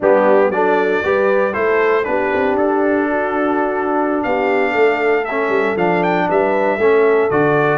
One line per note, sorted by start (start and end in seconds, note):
0.00 0.49 G3
0.00 0.52 B3
0.00 0.49 D4
0.00 0.51 G4
0.49 1.00 F#3
0.49 1.03 D4
0.49 1.04 A4
0.49 1.53 D5
1.03 1.55 G3
1.03 1.53 G4
1.03 1.52 B4
1.52 2.07 A3
1.52 2.03 E4
1.52 2.04 A4
1.52 2.04 C5
2.03 2.33 B3
2.03 5.24 D4
2.03 3.09 G4
2.03 2.55 B4
2.34 2.55 C4
2.55 4.22 D4
2.55 4.23 A4
3.09 4.25 F#4
4.23 4.75 B3
4.23 4.71 G4
4.23 5.25 F5
4.71 5.48 A3
4.71 6.24 A4
5.25 5.77 C#4
5.25 5.76 E5
5.48 5.74 G3
5.76 6.27 F3
5.76 6.79 D4
5.76 6.03 F5
6.03 6.29 G5
6.28 6.77 G3
6.28 6.77 B4
6.28 7.30 E5
6.77 7.29 A3
6.77 7.30 C#4
6.77 7.78 A4
7.30 7.78 D3
7.30 7.78 F#4
7.30 7.78 D5